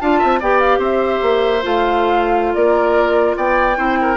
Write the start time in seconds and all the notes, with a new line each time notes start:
0.00 D4 F4 F5 A5
0.18 C4 E5
0.39 B3 G4 D5 G5
0.59 F5
0.78 C4 C5 E5
1.22 A#3
1.62 A3 F4 F5
2.54 A#3 A#4 D5
3.36 B3 D5 G5
3.77 C4 E4 C5
4.01 A#4